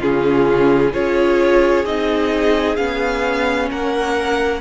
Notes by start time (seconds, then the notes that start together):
0.00 C#3 C#4 F4 G#4
0.93 C#4 F4 G#4 C#5
1.85 C4 D#4 D#5
2.77 B3 C#4 F5
3.71 A#3 A#4 F#5